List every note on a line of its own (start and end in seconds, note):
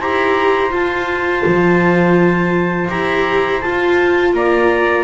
0.00 0.71 E4
0.00 0.70 G4
0.00 4.34 C5
0.00 0.73 A#5
0.70 2.87 F4
0.70 1.43 F4
0.70 2.90 A5
1.46 2.91 F3
2.89 3.63 E4
2.89 3.61 G4
2.89 3.61 A#5
3.61 5.04 F4
3.61 4.33 F4
3.61 4.33 A5
4.33 5.04 A#3
4.33 5.04 D5
4.33 5.04 A#5